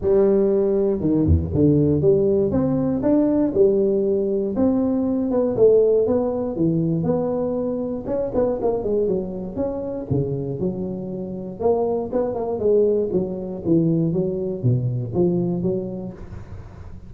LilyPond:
\new Staff \with { instrumentName = "tuba" } { \time 4/4 \tempo 4 = 119 g2 dis8 e,8 d4 | g4 c'4 d'4 g4~ | g4 c'4. b8 a4 | b4 e4 b2 |
cis'8 b8 ais8 gis8 fis4 cis'4 | cis4 fis2 ais4 | b8 ais8 gis4 fis4 e4 | fis4 b,4 f4 fis4 | }